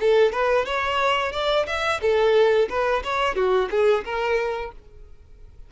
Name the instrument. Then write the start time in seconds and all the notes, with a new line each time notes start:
violin
0.00 A4
0.32 B4
0.65 C#5
1.32 D5
1.66 E5
2.01 A4
2.69 B4
3.04 C#5
3.35 F#4
3.70 G#4
4.04 A#4